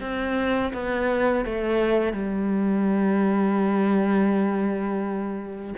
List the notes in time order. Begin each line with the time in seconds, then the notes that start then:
0.00 C4
0.73 B3
1.45 A3
2.13 G3